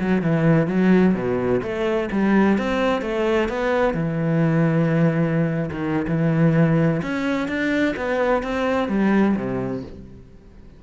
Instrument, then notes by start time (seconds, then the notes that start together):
cello
0.00 F#3
0.22 E3
0.67 F#3
1.14 B2
1.62 A3
2.11 G3
2.58 C4
3.02 A3
3.49 B3
3.94 E3
5.71 D#3
6.08 E3
7.02 C#4
7.48 D4
7.96 B3
8.43 C4
8.89 G3
9.36 C3